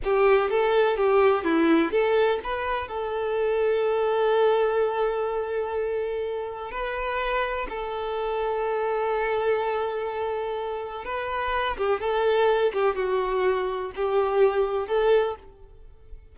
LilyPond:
\new Staff \with { instrumentName = "violin" } { \time 4/4 \tempo 4 = 125 g'4 a'4 g'4 e'4 | a'4 b'4 a'2~ | a'1~ | a'2 b'2 |
a'1~ | a'2. b'4~ | b'8 g'8 a'4. g'8 fis'4~ | fis'4 g'2 a'4 | }